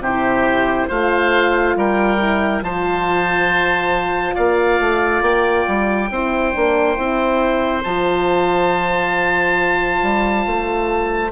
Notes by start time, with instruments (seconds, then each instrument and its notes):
0.00 bassoon C3, horn E4, oboe G4 C5
0.88 bassoon A3, horn F4, oboe C5 F5
1.76 bassoon G3, oboe A#4 G5
2.19 horn E4
2.62 bassoon F3, horn F4, oboe C5 A5
4.35 bassoon A#3, oboe D5 F5
4.80 bassoon A3
5.22 bassoon A#3, oboe G5
5.68 bassoon G3
6.11 bassoon C4, horn E4, oboe C5
6.53 bassoon A#3, horn D4
6.96 bassoon C4, horn E4
7.84 bassoon F3, horn F4, oboe A5
10.03 bassoon G3
10.47 bassoon A3